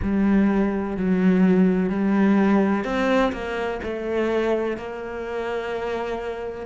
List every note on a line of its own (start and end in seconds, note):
0.02 0.97 G3
0.97 1.89 F#3
1.89 2.84 G3
2.84 3.32 C4
3.32 3.80 A#3
3.83 4.77 A3
4.77 6.66 A#3